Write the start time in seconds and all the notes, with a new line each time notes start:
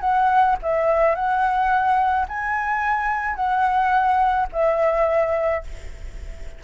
0.00 F#5
0.62 E5
1.15 F#5
2.28 G#5
3.35 F#5
4.52 E5